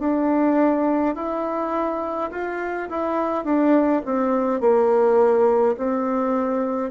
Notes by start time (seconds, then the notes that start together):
0.00 D4
1.15 E4
2.31 F4
2.90 E4
3.45 D4
4.05 C4
4.61 A#3
5.77 C4